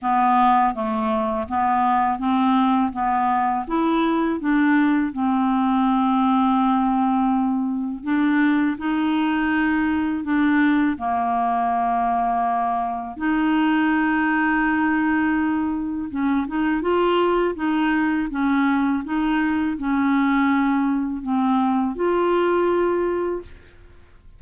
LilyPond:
\new Staff \with { instrumentName = "clarinet" } { \time 4/4 \tempo 4 = 82 b4 a4 b4 c'4 | b4 e'4 d'4 c'4~ | c'2. d'4 | dis'2 d'4 ais4~ |
ais2 dis'2~ | dis'2 cis'8 dis'8 f'4 | dis'4 cis'4 dis'4 cis'4~ | cis'4 c'4 f'2 | }